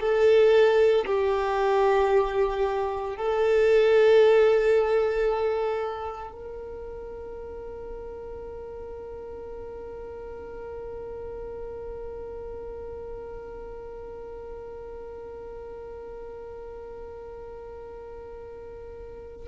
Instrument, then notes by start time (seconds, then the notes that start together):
violin
0.00 A4
1.06 G4
3.16 A4
6.32 A#4